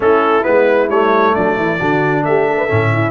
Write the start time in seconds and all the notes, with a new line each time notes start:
0.00 A3 C#4 E4 A4
0.43 G#3 B3 B4
0.89 G3 A3 C#5
1.34 F#3 D4 D5
1.56 E3 E4
1.79 D3 D4 F#4
2.24 A3 G4 E5
2.47 A4
2.57 B4
2.66 A2 C#4 A4
2.93 E4